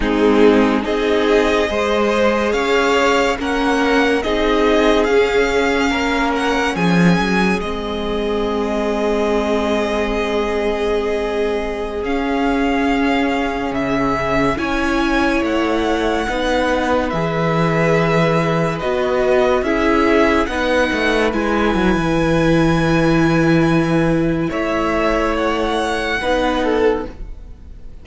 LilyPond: <<
  \new Staff \with { instrumentName = "violin" } { \time 4/4 \tempo 4 = 71 gis'4 dis''2 f''4 | fis''4 dis''4 f''4. fis''8 | gis''4 dis''2.~ | dis''2~ dis''16 f''4.~ f''16~ |
f''16 e''4 gis''4 fis''4.~ fis''16~ | fis''16 e''2 dis''4 e''8.~ | e''16 fis''4 gis''2~ gis''8.~ | gis''4 e''4 fis''2 | }
  \new Staff \with { instrumentName = "violin" } { \time 4/4 dis'4 gis'4 c''4 cis''4 | ais'4 gis'2 ais'4 | gis'1~ | gis'1~ |
gis'4~ gis'16 cis''2 b'8.~ | b'2.~ b'16 gis'8.~ | gis'16 b'2.~ b'8.~ | b'4 cis''2 b'8 a'8 | }
  \new Staff \with { instrumentName = "viola" } { \time 4/4 c'4 dis'4 gis'2 | cis'4 dis'4 cis'2~ | cis'4 c'2.~ | c'2~ c'16 cis'4.~ cis'16~ |
cis'4~ cis'16 e'2 dis'8.~ | dis'16 gis'2 fis'4 e'8.~ | e'16 dis'4 e'2~ e'8.~ | e'2. dis'4 | }
  \new Staff \with { instrumentName = "cello" } { \time 4/4 gis4 c'4 gis4 cis'4 | ais4 c'4 cis'4 ais4 | f8 fis8 gis2.~ | gis2~ gis16 cis'4.~ cis'16~ |
cis'16 cis4 cis'4 a4 b8.~ | b16 e2 b4 cis'8.~ | cis'16 b8 a8 gis8 fis16 e2~ | e4 a2 b4 | }
>>